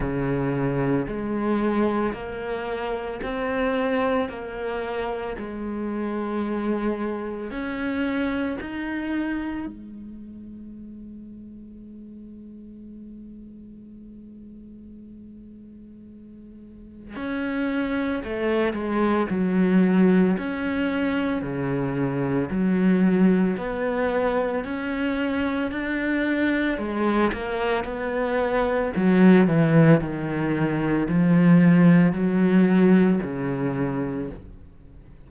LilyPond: \new Staff \with { instrumentName = "cello" } { \time 4/4 \tempo 4 = 56 cis4 gis4 ais4 c'4 | ais4 gis2 cis'4 | dis'4 gis2.~ | gis1 |
cis'4 a8 gis8 fis4 cis'4 | cis4 fis4 b4 cis'4 | d'4 gis8 ais8 b4 fis8 e8 | dis4 f4 fis4 cis4 | }